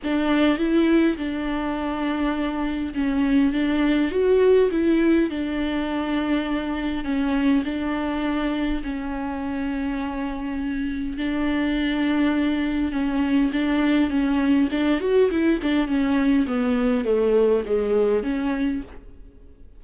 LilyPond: \new Staff \with { instrumentName = "viola" } { \time 4/4 \tempo 4 = 102 d'4 e'4 d'2~ | d'4 cis'4 d'4 fis'4 | e'4 d'2. | cis'4 d'2 cis'4~ |
cis'2. d'4~ | d'2 cis'4 d'4 | cis'4 d'8 fis'8 e'8 d'8 cis'4 | b4 a4 gis4 cis'4 | }